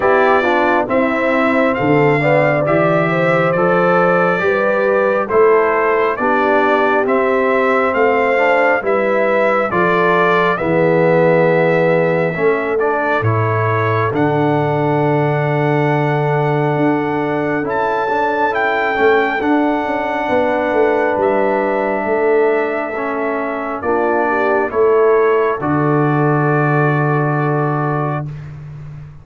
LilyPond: <<
  \new Staff \with { instrumentName = "trumpet" } { \time 4/4 \tempo 4 = 68 d''4 e''4 f''4 e''4 | d''2 c''4 d''4 | e''4 f''4 e''4 d''4 | e''2~ e''8 d''8 cis''4 |
fis''1 | a''4 g''4 fis''2 | e''2. d''4 | cis''4 d''2. | }
  \new Staff \with { instrumentName = "horn" } { \time 4/4 g'8 f'8 e'4 a'8 d''4 c''8~ | c''4 b'4 a'4 g'4~ | g'4 c''4 b'4 a'4 | gis'2 a'2~ |
a'1~ | a'2. b'4~ | b'4 a'2 f'8 g'8 | a'1 | }
  \new Staff \with { instrumentName = "trombone" } { \time 4/4 e'8 d'8 c'4. b8 g'4 | a'4 g'4 e'4 d'4 | c'4. d'8 e'4 f'4 | b2 cis'8 d'8 e'4 |
d'1 | e'8 d'8 e'8 cis'8 d'2~ | d'2 cis'4 d'4 | e'4 fis'2. | }
  \new Staff \with { instrumentName = "tuba" } { \time 4/4 b4 c'4 d4 e4 | f4 g4 a4 b4 | c'4 a4 g4 f4 | e2 a4 a,4 |
d2. d'4 | cis'4. a8 d'8 cis'8 b8 a8 | g4 a2 ais4 | a4 d2. | }
>>